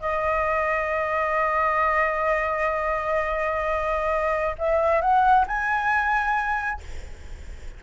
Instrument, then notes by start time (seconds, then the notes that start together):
flute
0.00 D#5
4.58 E5
5.01 F#5
5.47 G#5